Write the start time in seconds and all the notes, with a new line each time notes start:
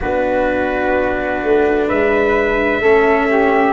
0.00 B3 D4 F#4 B4
1.43 A3
1.87 G#3 B4 E5
2.80 A3 C#4 A4
3.30 G4